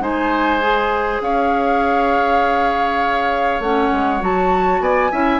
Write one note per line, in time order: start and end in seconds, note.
0.00 1.20 G#3
0.00 0.60 D#4
0.00 1.22 C5
0.00 1.22 G#5
0.61 3.61 G#4
1.20 3.60 C#4
1.20 4.82 C#5
1.20 3.62 F5
3.60 3.90 A3
3.60 4.20 C#4
3.60 4.22 F#5
3.92 4.21 G#3
4.20 4.80 F#3
4.20 5.10 F#4
4.20 4.82 A5
4.80 5.10 B3
4.80 5.11 D5
4.80 5.40 G#5
5.11 5.40 C#4
5.11 5.40 E4
5.11 5.40 E5